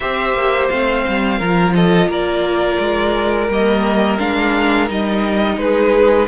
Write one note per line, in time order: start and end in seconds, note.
0.00 0.34 C4
0.00 0.70 G4
0.00 1.38 C5
0.00 0.68 E5
0.34 0.69 A#3
0.68 1.06 A3
0.68 1.40 C4
0.68 1.73 F5
1.08 1.40 G3
1.38 2.07 F3
1.38 3.49 F4
1.38 1.73 A#4
1.74 2.08 A4
1.74 2.09 D#5
2.07 2.77 A#3
2.07 5.57 A#4
2.07 3.51 D5
2.79 3.48 G#3
3.48 4.18 G3
3.48 4.18 A#3
3.48 4.18 D#5
4.18 4.89 G#3
4.18 4.88 D4
4.18 4.88 F5
4.88 5.57 G3
4.88 6.27 D#4
4.88 5.58 D#5
5.57 6.27 G#3
5.57 6.27 G#4
5.57 6.27 B4